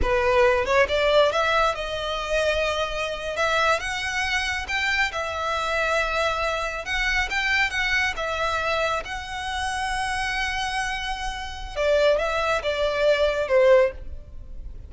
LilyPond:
\new Staff \with { instrumentName = "violin" } { \time 4/4 \tempo 4 = 138 b'4. cis''8 d''4 e''4 | dis''2.~ dis''8. e''16~ | e''8. fis''2 g''4 e''16~ | e''2.~ e''8. fis''16~ |
fis''8. g''4 fis''4 e''4~ e''16~ | e''8. fis''2.~ fis''16~ | fis''2. d''4 | e''4 d''2 c''4 | }